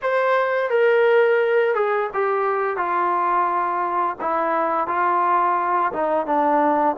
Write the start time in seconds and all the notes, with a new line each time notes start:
0.02 C5
0.70 A#4
1.74 G#4
2.13 G4
2.77 F4
4.21 E4
4.87 F4
5.92 D#4
6.26 D4